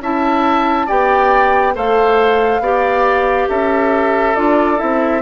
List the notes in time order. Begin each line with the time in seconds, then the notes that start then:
0.00 C#4 E4 E5 A5
0.87 B3 G4 D5 G5
1.74 A3 A4 C5 F5
2.60 B3 G4 D5
3.49 C#4 A4 E5
4.36 D4 F4 D5
4.78 C4 E4 E5